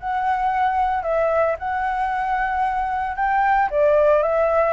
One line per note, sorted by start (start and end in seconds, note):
0.00 1.03 F#5
1.03 1.56 E5
1.59 3.16 F#5
3.16 3.70 G5
3.71 4.23 D5
4.23 4.74 E5